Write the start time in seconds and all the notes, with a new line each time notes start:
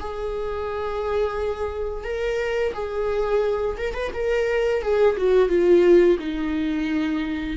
0.00 G#4
2.05 A#4
2.74 G#4
3.78 A#4
3.95 B4
4.14 A#4
4.83 G#4
5.18 F#4
5.49 F4
6.20 D#4